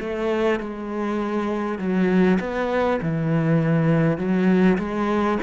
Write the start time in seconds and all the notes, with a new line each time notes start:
0.00 A3
0.59 G#3
1.79 F#3
2.40 B3
3.02 E3
4.18 F#3
4.78 G#3